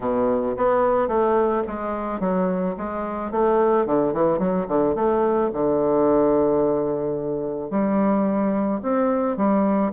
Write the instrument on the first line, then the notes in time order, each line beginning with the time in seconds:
bassoon
0.00 B2
0.57 B3
1.07 A3
1.67 G#3
2.20 F#3
2.77 G#3
3.31 A3
3.86 D3
4.13 E3
4.38 F#3
4.68 D3
4.95 A3
5.53 D3
7.70 G3
8.82 C4
9.37 G3